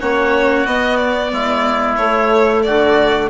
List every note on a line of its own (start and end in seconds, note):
0.00 0.66 A#3
0.00 0.66 C#4
0.00 1.32 F#4
0.00 0.67 C#5
0.66 1.32 B3
0.66 2.00 B3
0.66 0.97 D#5
0.97 1.95 D5
1.32 1.98 G#3
1.32 2.65 E4
1.96 2.63 A3
1.96 3.30 A3
1.96 2.62 C#5
2.63 3.30 D3
2.63 3.30 F#4
2.63 3.29 D5